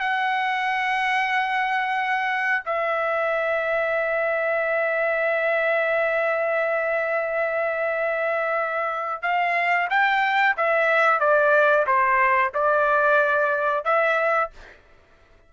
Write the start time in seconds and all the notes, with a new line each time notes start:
0.00 F#5
2.66 E5
9.22 F5
9.90 G5
10.57 E5
11.20 D5
11.87 C5
12.54 D5
13.85 E5